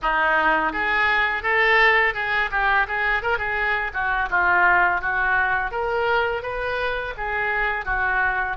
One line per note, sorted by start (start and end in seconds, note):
0.02 0.72 D#4
0.72 1.43 G#4
1.43 2.14 A4
2.14 2.49 G#4
2.51 2.86 G4
2.87 3.22 G#4
3.22 3.38 A#4
3.38 3.91 G#4
3.93 4.29 F#4
4.30 5.01 F4
5.01 5.71 F#4
5.71 6.42 A#4
6.42 7.14 B4
7.17 7.85 G#4
7.85 8.56 F#4